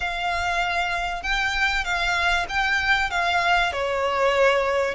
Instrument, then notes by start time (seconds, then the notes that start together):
violin
0.00 F5
1.22 G5
1.84 F5
2.49 G5
3.10 F5
3.72 C#5